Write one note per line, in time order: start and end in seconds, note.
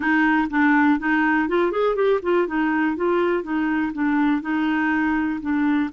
0.00 0.48 D#4
0.50 0.99 D4
0.99 1.48 D#4
1.48 1.71 F4
1.71 1.95 G#4
1.95 2.20 G4
2.22 2.47 F4
2.47 2.96 D#4
2.96 3.43 F4
3.43 3.92 D#4
3.93 4.41 D4
4.41 5.40 D#4
5.40 5.89 D4